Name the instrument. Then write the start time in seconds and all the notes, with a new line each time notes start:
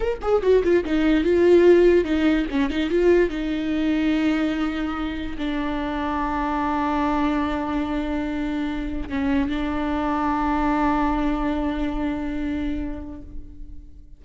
viola
0.00 A#4
0.21 G#4
0.42 F#4
0.63 F4
0.84 D#4
1.24 F4
2.04 D#4
2.51 C#4
2.70 D#4
2.90 F4
3.29 D#4
5.38 D4
9.09 C#4
9.49 D4